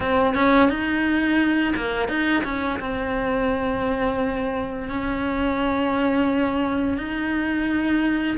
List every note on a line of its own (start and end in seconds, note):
0.00 0.34 C4
0.34 0.69 C#4
0.69 1.73 D#4
1.76 2.08 A#3
2.08 2.43 D#4
2.44 2.79 C#4
2.79 4.88 C4
4.88 6.97 C#4
6.97 8.37 D#4